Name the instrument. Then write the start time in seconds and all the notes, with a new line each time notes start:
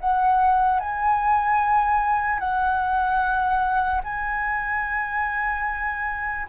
flute
0.00 F#5
0.80 G#5
2.39 F#5
4.04 G#5